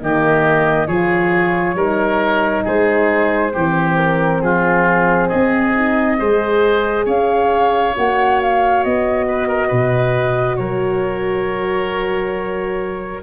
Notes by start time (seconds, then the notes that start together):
0.00 D#3 A#3 G4 D#5
0.87 F3 F4 G#4 C#5
1.75 G3 D#4 A#4
2.64 G#3 G#4 C5
3.53 E3 C4 G4
3.97 A#4
4.41 F3 F4 G#4
5.28 C4 G#4 D#5
5.75 D#4
6.18 G#3 G#4 C5
7.05 C#4 C#5 F5
7.96 A#3 F#4 F#5
8.42 F5
8.84 B3 D#5
9.27 B4
9.48 A#4
9.67 B2 B4
10.56 F#3 A#4 C#5